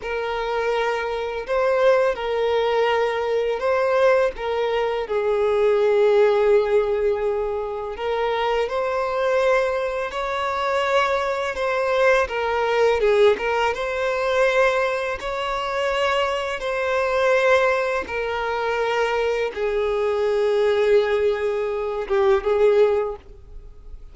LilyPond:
\new Staff \with { instrumentName = "violin" } { \time 4/4 \tempo 4 = 83 ais'2 c''4 ais'4~ | ais'4 c''4 ais'4 gis'4~ | gis'2. ais'4 | c''2 cis''2 |
c''4 ais'4 gis'8 ais'8 c''4~ | c''4 cis''2 c''4~ | c''4 ais'2 gis'4~ | gis'2~ gis'8 g'8 gis'4 | }